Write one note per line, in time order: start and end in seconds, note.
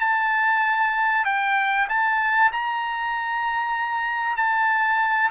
0.00 1.25 A5
1.25 1.88 G5
1.89 2.51 A5
2.53 4.37 A#5
4.37 5.31 A5